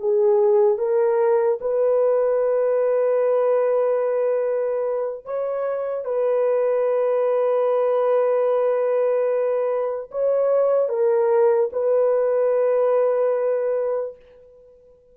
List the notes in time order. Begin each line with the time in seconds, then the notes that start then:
0.00 G#4
0.78 A#4
1.61 B4
5.26 C#5
6.06 B4
10.12 C#5
10.89 A#4
11.73 B4